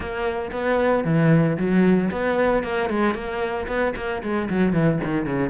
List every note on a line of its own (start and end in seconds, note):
0.00 0.51 A#3
0.51 1.04 B3
1.04 1.57 E3
1.57 2.10 F#3
2.11 2.63 B3
2.63 2.89 A#3
2.89 3.14 G#3
3.14 3.67 A#3
3.67 3.93 B3
3.95 4.22 A#3
4.22 4.49 G#3
4.49 4.72 F#3
4.72 4.99 E3
5.04 5.25 D#3
5.25 5.50 C#3